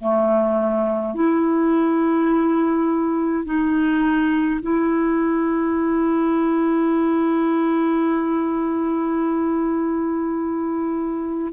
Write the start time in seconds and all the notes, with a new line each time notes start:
0.00 A3
1.14 E4
3.45 D#4
4.61 E4